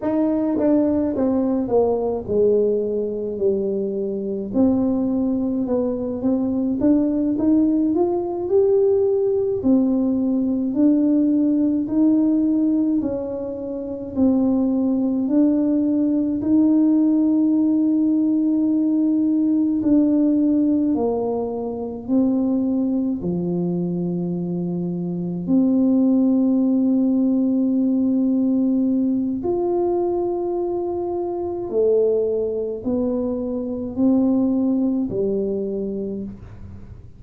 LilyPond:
\new Staff \with { instrumentName = "tuba" } { \time 4/4 \tempo 4 = 53 dis'8 d'8 c'8 ais8 gis4 g4 | c'4 b8 c'8 d'8 dis'8 f'8 g'8~ | g'8 c'4 d'4 dis'4 cis'8~ | cis'8 c'4 d'4 dis'4.~ |
dis'4. d'4 ais4 c'8~ | c'8 f2 c'4.~ | c'2 f'2 | a4 b4 c'4 g4 | }